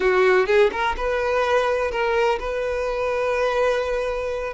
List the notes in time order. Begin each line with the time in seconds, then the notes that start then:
0.00 F#4
0.46 G#4
0.71 A#4
0.96 B4
1.91 A#4
2.39 B4